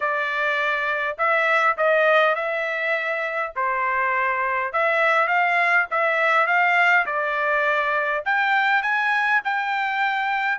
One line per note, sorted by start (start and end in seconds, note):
0.00 1.17 D5
1.18 1.76 E5
1.77 2.35 D#5
2.35 3.53 E5
3.55 4.72 C5
4.72 5.27 E5
5.27 5.86 F5
5.90 6.46 E5
6.46 7.05 F5
7.06 8.23 D5
8.25 8.82 G5
8.82 9.41 G#5
9.44 10.58 G5